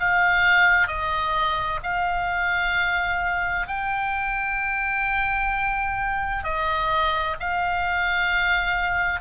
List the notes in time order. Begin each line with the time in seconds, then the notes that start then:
0.00 F5
0.88 D#5
1.83 F5
3.68 G5
6.44 D#5
7.40 F5